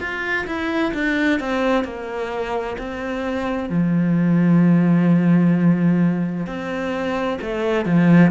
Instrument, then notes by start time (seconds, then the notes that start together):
cello
0.00 F4
0.47 E4
0.94 D4
1.40 C4
1.85 A#3
2.78 C4
3.70 F3
6.47 C4
7.41 A3
7.85 F3